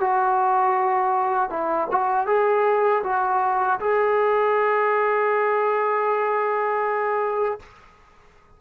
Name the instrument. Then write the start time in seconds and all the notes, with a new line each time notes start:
trombone
0.00 F#4
1.50 E4
1.91 F#4
2.26 G#4
3.03 F#4
3.79 G#4